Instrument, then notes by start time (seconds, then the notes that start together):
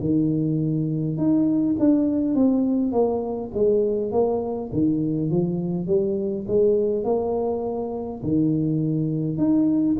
tuba
0.00 D#3
1.17 D#4
1.79 D4
2.35 C4
2.92 A#3
3.54 G#3
4.12 A#3
4.72 D#3
5.30 F3
5.87 G3
6.48 G#3
7.04 A#3
8.23 D#3
9.37 D#4